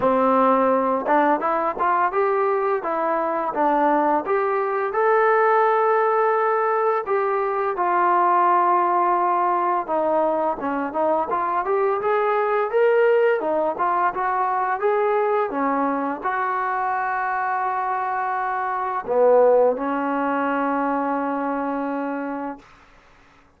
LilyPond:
\new Staff \with { instrumentName = "trombone" } { \time 4/4 \tempo 4 = 85 c'4. d'8 e'8 f'8 g'4 | e'4 d'4 g'4 a'4~ | a'2 g'4 f'4~ | f'2 dis'4 cis'8 dis'8 |
f'8 g'8 gis'4 ais'4 dis'8 f'8 | fis'4 gis'4 cis'4 fis'4~ | fis'2. b4 | cis'1 | }